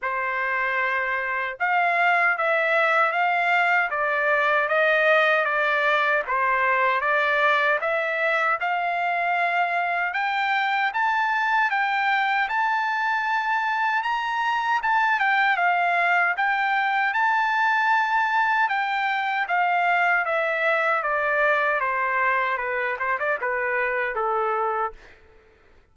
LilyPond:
\new Staff \with { instrumentName = "trumpet" } { \time 4/4 \tempo 4 = 77 c''2 f''4 e''4 | f''4 d''4 dis''4 d''4 | c''4 d''4 e''4 f''4~ | f''4 g''4 a''4 g''4 |
a''2 ais''4 a''8 g''8 | f''4 g''4 a''2 | g''4 f''4 e''4 d''4 | c''4 b'8 c''16 d''16 b'4 a'4 | }